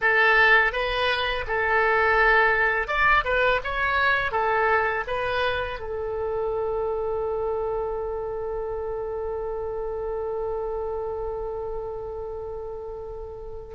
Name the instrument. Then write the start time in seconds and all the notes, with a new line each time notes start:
oboe
0.01 A4
0.72 B4
1.47 A4
2.87 D5
3.24 B4
3.64 C#5
4.31 A4
5.07 B4
5.79 A4